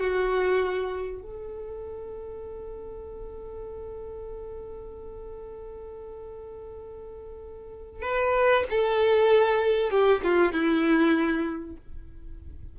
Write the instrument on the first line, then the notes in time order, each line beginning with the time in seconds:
violin
0.00 F#4
1.22 A4
8.02 B4
8.70 A4
9.90 G4
10.23 F4
10.52 E4